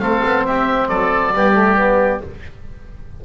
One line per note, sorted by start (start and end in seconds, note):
0.00 0.22 A3
0.00 1.34 C4
0.00 0.47 A4
0.00 0.44 F5
0.26 0.47 B3
0.46 0.89 C4
0.46 0.89 G4
0.46 0.89 E5
0.89 1.33 F#3
0.89 1.33 A4
0.89 2.21 D5
1.33 2.21 G3
1.33 1.54 B3
1.33 2.25 G4
1.54 1.76 A3
1.76 2.20 B3